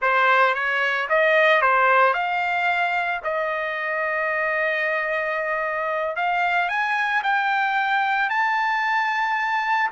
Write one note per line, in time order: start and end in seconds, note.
0.01 0.54 C5
0.54 1.07 C#5
1.09 1.61 D#5
1.61 2.13 C5
2.13 3.20 F5
3.24 6.15 D#5
6.15 6.68 F5
6.68 7.22 G#5
7.23 8.29 G5
8.29 9.90 A5